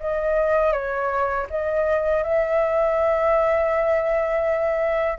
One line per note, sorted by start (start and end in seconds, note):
0.00 0.72 D#5
0.72 1.46 C#5
1.50 2.23 D#5
2.23 5.19 E5